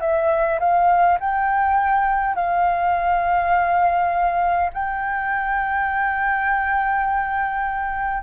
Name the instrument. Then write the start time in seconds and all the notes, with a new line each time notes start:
flute
0.00 E5
0.59 F5
1.20 G5
2.35 F5
4.73 G5